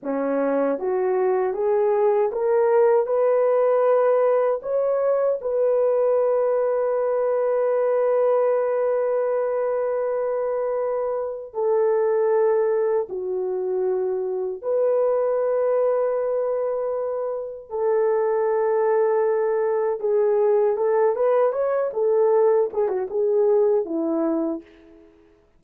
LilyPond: \new Staff \with { instrumentName = "horn" } { \time 4/4 \tempo 4 = 78 cis'4 fis'4 gis'4 ais'4 | b'2 cis''4 b'4~ | b'1~ | b'2. a'4~ |
a'4 fis'2 b'4~ | b'2. a'4~ | a'2 gis'4 a'8 b'8 | cis''8 a'4 gis'16 fis'16 gis'4 e'4 | }